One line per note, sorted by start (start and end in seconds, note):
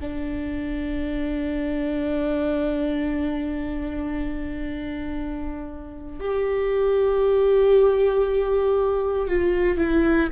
0.00 6.19 D4
6.19 9.28 G4
9.28 9.77 F4
9.77 10.29 E4